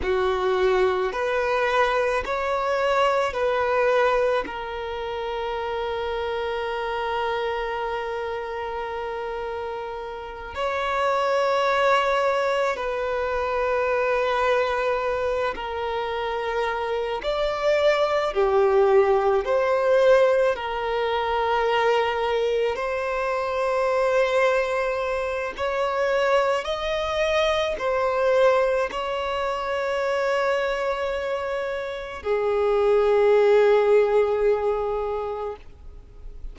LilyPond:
\new Staff \with { instrumentName = "violin" } { \time 4/4 \tempo 4 = 54 fis'4 b'4 cis''4 b'4 | ais'1~ | ais'4. cis''2 b'8~ | b'2 ais'4. d''8~ |
d''8 g'4 c''4 ais'4.~ | ais'8 c''2~ c''8 cis''4 | dis''4 c''4 cis''2~ | cis''4 gis'2. | }